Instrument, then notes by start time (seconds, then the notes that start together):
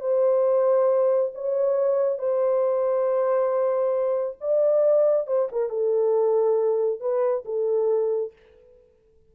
horn
0.00 C5
1.34 C#5
2.18 C5
4.40 D5
5.27 C5
5.51 A#4
5.69 A4
7.00 B4
7.45 A4